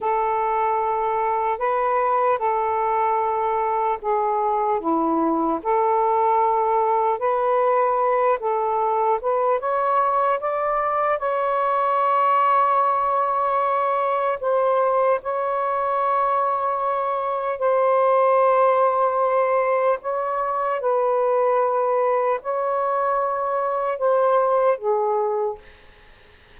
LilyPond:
\new Staff \with { instrumentName = "saxophone" } { \time 4/4 \tempo 4 = 75 a'2 b'4 a'4~ | a'4 gis'4 e'4 a'4~ | a'4 b'4. a'4 b'8 | cis''4 d''4 cis''2~ |
cis''2 c''4 cis''4~ | cis''2 c''2~ | c''4 cis''4 b'2 | cis''2 c''4 gis'4 | }